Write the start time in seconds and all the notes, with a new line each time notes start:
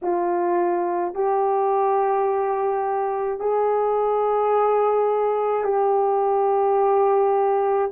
0.02 F4
1.14 G4
3.40 G#4
5.63 G4